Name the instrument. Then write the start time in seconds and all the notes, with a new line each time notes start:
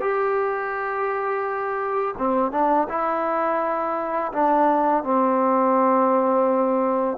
trombone
0.00 G4
2.17 C4
2.51 D4
2.89 E4
4.32 D4
5.03 C4